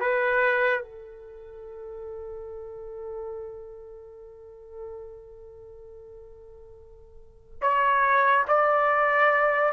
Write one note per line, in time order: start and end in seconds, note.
0.00 0.82 B4
0.82 7.58 A4
7.61 8.46 C#5
8.47 9.72 D5